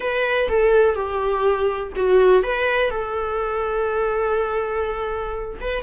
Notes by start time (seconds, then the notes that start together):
0.00 B4
0.49 A4
0.95 G4
1.96 F#4
2.43 B4
2.90 A4
5.60 B4